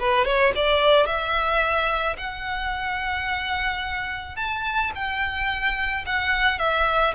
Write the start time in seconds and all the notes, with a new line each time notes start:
0.00 B4
0.25 C#5
0.56 D5
1.06 E5
2.18 F#5
4.37 A5
4.95 G5
6.07 F#5
6.59 E5